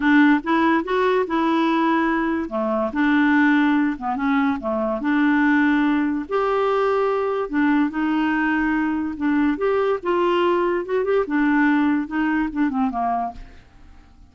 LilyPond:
\new Staff \with { instrumentName = "clarinet" } { \time 4/4 \tempo 4 = 144 d'4 e'4 fis'4 e'4~ | e'2 a4 d'4~ | d'4. b8 cis'4 a4 | d'2. g'4~ |
g'2 d'4 dis'4~ | dis'2 d'4 g'4 | f'2 fis'8 g'8 d'4~ | d'4 dis'4 d'8 c'8 ais4 | }